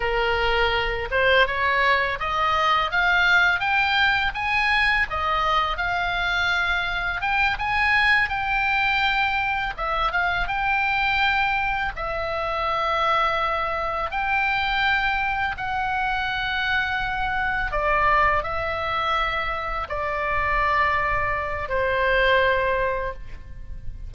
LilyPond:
\new Staff \with { instrumentName = "oboe" } { \time 4/4 \tempo 4 = 83 ais'4. c''8 cis''4 dis''4 | f''4 g''4 gis''4 dis''4 | f''2 g''8 gis''4 g''8~ | g''4. e''8 f''8 g''4.~ |
g''8 e''2. g''8~ | g''4. fis''2~ fis''8~ | fis''8 d''4 e''2 d''8~ | d''2 c''2 | }